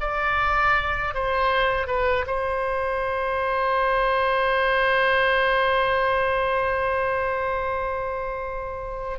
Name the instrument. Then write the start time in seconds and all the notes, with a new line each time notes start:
oboe
0.00 D5
1.14 C5
1.87 B4
2.27 C5